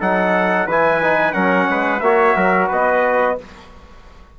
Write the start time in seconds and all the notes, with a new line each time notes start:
0.00 F#3 D#4 A4 F#5
0.66 E3 E4 B4 G#5
1.02 D#4
1.32 F#3 C#4 A#4 F#5
1.69 G#3 B4
2.00 A#3 F#4 C#5 E5
2.35 F#3 A#4
2.68 B3 B4 D#5